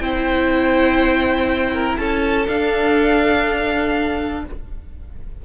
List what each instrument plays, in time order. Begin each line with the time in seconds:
0.00 cello C4, viola E4, violin C5 G5
1.74 violin A#4
1.98 cello C#4, violin A4 A5
2.46 viola D4, cello D4, violin F5